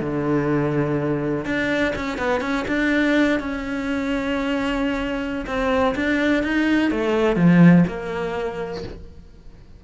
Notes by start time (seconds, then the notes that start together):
0.00 D3
1.45 D4
1.95 C#4
2.18 B3
2.40 C#4
2.67 D4
3.39 C#4
5.46 C4
5.95 D4
6.43 D#4
6.90 A3
7.36 F3
7.87 A#3